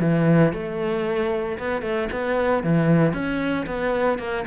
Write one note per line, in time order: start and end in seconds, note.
0.00 0.53 E3
0.53 1.58 A3
1.58 1.82 B3
1.82 2.08 A3
2.12 2.63 B3
2.63 3.13 E3
3.13 3.66 C#4
3.66 4.18 B3
4.18 4.45 A#3